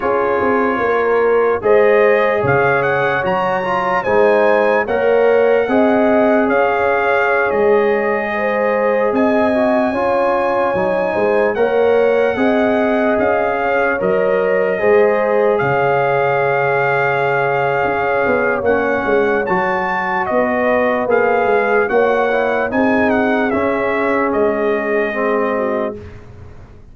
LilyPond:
<<
  \new Staff \with { instrumentName = "trumpet" } { \time 4/4 \tempo 4 = 74 cis''2 dis''4 f''8 fis''8 | ais''4 gis''4 fis''2 | f''4~ f''16 dis''2 gis''8.~ | gis''2~ gis''16 fis''4.~ fis''16~ |
fis''16 f''4 dis''2 f''8.~ | f''2. fis''4 | a''4 dis''4 f''4 fis''4 | gis''8 fis''8 e''4 dis''2 | }
  \new Staff \with { instrumentName = "horn" } { \time 4/4 gis'4 ais'4 c''4 cis''4~ | cis''4 c''4 cis''4 dis''4 | cis''2~ cis''16 c''4 dis''8.~ | dis''16 cis''4. c''8 cis''4 dis''8.~ |
dis''8. cis''4. c''4 cis''8.~ | cis''1~ | cis''4 b'2 cis''4 | gis'2.~ gis'8 fis'8 | }
  \new Staff \with { instrumentName = "trombone" } { \time 4/4 f'2 gis'2 | fis'8 f'8 dis'4 ais'4 gis'4~ | gis'2.~ gis'8. fis'16~ | fis'16 f'4 dis'4 ais'4 gis'8.~ |
gis'4~ gis'16 ais'4 gis'4.~ gis'16~ | gis'2. cis'4 | fis'2 gis'4 fis'8 e'8 | dis'4 cis'2 c'4 | }
  \new Staff \with { instrumentName = "tuba" } { \time 4/4 cis'8 c'8 ais4 gis4 cis4 | fis4 gis4 ais4 c'4 | cis'4~ cis'16 gis2 c'8.~ | c'16 cis'4 fis8 gis8 ais4 c'8.~ |
c'16 cis'4 fis4 gis4 cis8.~ | cis2 cis'8 b8 ais8 gis8 | fis4 b4 ais8 gis8 ais4 | c'4 cis'4 gis2 | }
>>